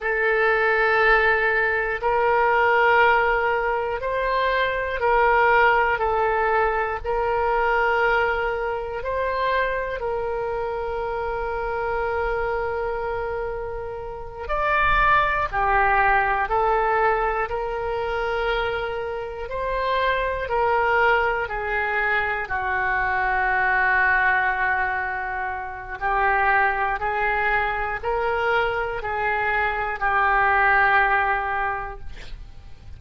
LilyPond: \new Staff \with { instrumentName = "oboe" } { \time 4/4 \tempo 4 = 60 a'2 ais'2 | c''4 ais'4 a'4 ais'4~ | ais'4 c''4 ais'2~ | ais'2~ ais'8 d''4 g'8~ |
g'8 a'4 ais'2 c''8~ | c''8 ais'4 gis'4 fis'4.~ | fis'2 g'4 gis'4 | ais'4 gis'4 g'2 | }